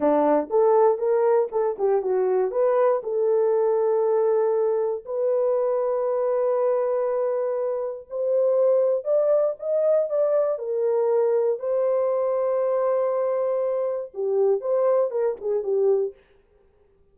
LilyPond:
\new Staff \with { instrumentName = "horn" } { \time 4/4 \tempo 4 = 119 d'4 a'4 ais'4 a'8 g'8 | fis'4 b'4 a'2~ | a'2 b'2~ | b'1 |
c''2 d''4 dis''4 | d''4 ais'2 c''4~ | c''1 | g'4 c''4 ais'8 gis'8 g'4 | }